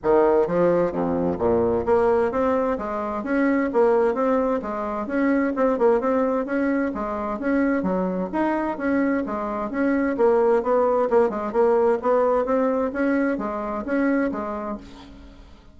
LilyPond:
\new Staff \with { instrumentName = "bassoon" } { \time 4/4 \tempo 4 = 130 dis4 f4 f,4 ais,4 | ais4 c'4 gis4 cis'4 | ais4 c'4 gis4 cis'4 | c'8 ais8 c'4 cis'4 gis4 |
cis'4 fis4 dis'4 cis'4 | gis4 cis'4 ais4 b4 | ais8 gis8 ais4 b4 c'4 | cis'4 gis4 cis'4 gis4 | }